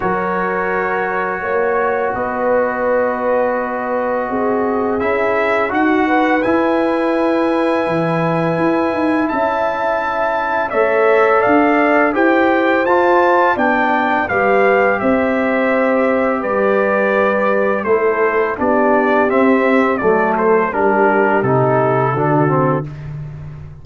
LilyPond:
<<
  \new Staff \with { instrumentName = "trumpet" } { \time 4/4 \tempo 4 = 84 cis''2. dis''4~ | dis''2. e''4 | fis''4 gis''2.~ | gis''4 a''2 e''4 |
f''4 g''4 a''4 g''4 | f''4 e''2 d''4~ | d''4 c''4 d''4 e''4 | d''8 c''8 ais'4 a'2 | }
  \new Staff \with { instrumentName = "horn" } { \time 4/4 ais'2 cis''4 b'4~ | b'2 gis'2 | fis'8 b'2.~ b'8~ | b'4 e''2 cis''4 |
d''4 c''2 d''4 | b'4 c''2 b'4~ | b'4 a'4 g'2 | a'4 g'2 fis'4 | }
  \new Staff \with { instrumentName = "trombone" } { \time 4/4 fis'1~ | fis'2. e'4 | fis'4 e'2.~ | e'2. a'4~ |
a'4 g'4 f'4 d'4 | g'1~ | g'4 e'4 d'4 c'4 | a4 d'4 dis'4 d'8 c'8 | }
  \new Staff \with { instrumentName = "tuba" } { \time 4/4 fis2 ais4 b4~ | b2 c'4 cis'4 | dis'4 e'2 e4 | e'8 dis'8 cis'2 a4 |
d'4 e'4 f'4 b4 | g4 c'2 g4~ | g4 a4 b4 c'4 | fis4 g4 c4 d4 | }
>>